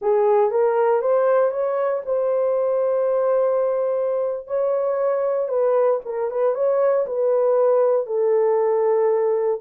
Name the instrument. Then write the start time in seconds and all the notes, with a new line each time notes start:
horn
0.01 G#4
0.50 A#4
1.01 C5
1.51 C#5
2.05 C5
4.47 C#5
5.48 B4
6.05 A#4
6.30 B4
6.54 C#5
7.06 B4
8.06 A4